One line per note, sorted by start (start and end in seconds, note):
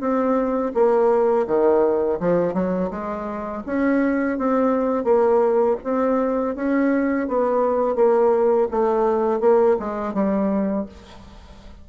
0.00 0.72 C4
0.74 1.47 A#3
1.47 2.19 D#3
2.19 2.54 F3
2.54 2.90 F#3
2.91 3.63 G#3
3.66 4.38 C#4
4.38 5.04 C4
5.04 5.77 A#3
5.84 6.55 C4
6.55 7.27 C#4
7.28 7.96 B3
7.96 8.68 A#3
8.71 9.40 A3
9.40 9.76 A#3
9.80 10.14 G#3
10.14 10.86 G3